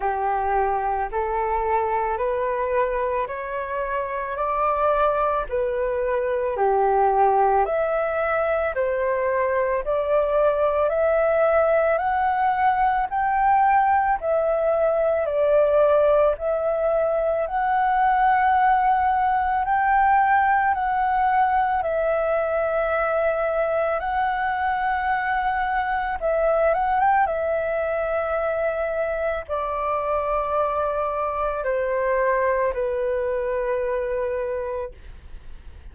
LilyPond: \new Staff \with { instrumentName = "flute" } { \time 4/4 \tempo 4 = 55 g'4 a'4 b'4 cis''4 | d''4 b'4 g'4 e''4 | c''4 d''4 e''4 fis''4 | g''4 e''4 d''4 e''4 |
fis''2 g''4 fis''4 | e''2 fis''2 | e''8 fis''16 g''16 e''2 d''4~ | d''4 c''4 b'2 | }